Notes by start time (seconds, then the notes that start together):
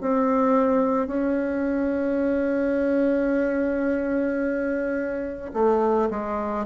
0.00 C4
1.07 C#4
5.53 A3
6.10 G#3